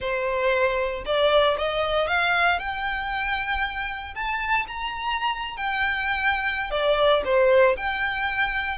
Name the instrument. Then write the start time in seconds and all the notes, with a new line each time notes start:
violin
0.00 C5
1.05 D5
1.58 D#5
2.07 F5
2.59 G5
4.14 A5
4.67 A#5
5.57 G5
6.71 D5
7.24 C5
7.76 G5